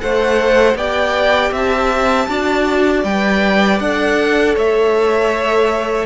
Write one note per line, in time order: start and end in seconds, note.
0.00 0.75 A3
0.00 0.76 A4
0.00 0.78 C5
0.00 0.77 F#5
0.75 1.51 B3
0.75 2.30 G4
0.75 1.53 D5
0.75 1.54 G5
1.52 2.28 C4
1.52 2.29 E5
1.52 3.04 A5
2.29 3.04 D4
2.29 3.06 F#4
2.29 4.55 D5
3.04 3.80 G3
3.04 3.83 B4
3.04 3.80 G5
3.80 4.56 D4
3.80 6.06 A4
3.80 4.56 F#5
4.55 6.06 A3
4.55 6.06 C#5
4.55 6.06 E5